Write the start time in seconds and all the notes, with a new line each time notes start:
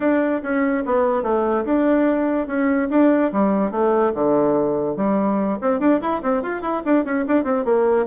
0.00 D4
0.43 C#4
0.85 B3
1.23 A3
1.65 D4
2.47 C#4
2.90 D4
3.32 G3
3.71 A3
4.14 D3
4.96 G3
5.61 C4
5.79 D4
6.01 E4
6.22 C4
6.42 F4
6.61 E4
6.85 D4
7.04 C#4
7.27 D4
7.44 C4
7.65 A#3